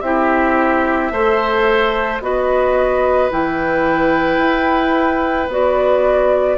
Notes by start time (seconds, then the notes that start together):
0.00 C4 E4 G4 E5
1.11 A3 A4 C5
2.20 B3 F#4 B4 D#5
3.30 E3 E4 G5
4.38 E4
5.48 B3 F#4 D5